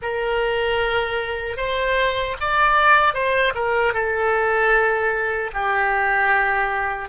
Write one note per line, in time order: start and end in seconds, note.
0.01 1.56 A#4
1.56 2.35 C5
2.40 3.14 D5
3.14 3.53 C5
3.55 3.93 A#4
3.93 5.51 A4
5.53 7.09 G4